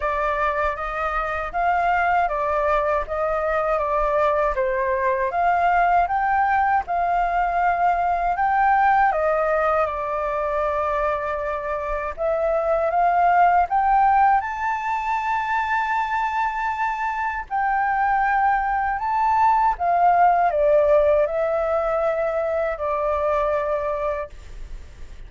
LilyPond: \new Staff \with { instrumentName = "flute" } { \time 4/4 \tempo 4 = 79 d''4 dis''4 f''4 d''4 | dis''4 d''4 c''4 f''4 | g''4 f''2 g''4 | dis''4 d''2. |
e''4 f''4 g''4 a''4~ | a''2. g''4~ | g''4 a''4 f''4 d''4 | e''2 d''2 | }